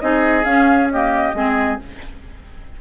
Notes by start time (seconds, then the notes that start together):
0.00 C4 D#4 G#4 D#5
0.45 C#4 F5
0.91 A#3 G4 D#5
1.34 G#3 C4 G#4